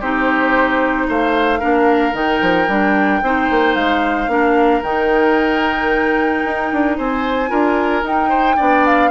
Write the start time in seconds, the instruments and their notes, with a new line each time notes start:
0.00 bassoon C4, clarinet D#4, oboe G4, flute C5
1.08 bassoon A3, oboe C5, flute F5
1.59 bassoon A#3, clarinet D4, oboe A#4
2.13 bassoon D#3, clarinet D#4, flute G5
2.41 bassoon F3
2.68 bassoon G3, clarinet D4
3.22 bassoon C4, clarinet D#4, oboe C5
3.50 bassoon A#3
3.75 bassoon G#3, flute F5
4.28 bassoon A#3, clarinet D4, oboe A#4
4.83 bassoon D#3, clarinet D#4, flute G5
6.45 bassoon D#4
6.72 bassoon D4
6.98 bassoon C4, oboe C5, flute G#5
7.48 bassoon D4, clarinet F4, oboe A#4
8.03 bassoon D#4, clarinet D#4, flute G5
8.29 oboe C5
8.56 bassoon B3, clarinet D4, oboe D5
8.86 flute F5